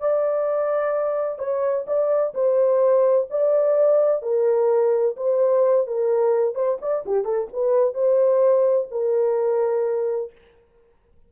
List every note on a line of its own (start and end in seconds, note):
0.00 1.38 D5
1.38 1.85 C#5
1.87 2.34 D5
2.34 3.28 C5
3.30 4.22 D5
4.22 5.16 A#4
5.17 5.87 C5
5.87 6.55 A#4
6.55 6.78 C5
6.81 7.05 D5
7.06 7.24 G4
7.24 7.48 A4
7.53 7.94 B4
7.94 8.88 C5
8.91 10.32 A#4